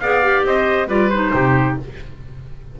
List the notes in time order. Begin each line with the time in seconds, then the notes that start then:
0.00 B3 G#4 D5 F5
0.23 G4
0.45 C4 C5 D#5
0.87 G3 F4 B4 D5
1.10 D#4 C5
1.33 C3 G4